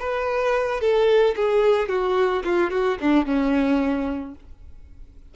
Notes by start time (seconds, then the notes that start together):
0.00 B4
0.81 A4
1.36 G#4
1.89 F#4
2.45 F4
2.71 F#4
3.01 D4
3.26 C#4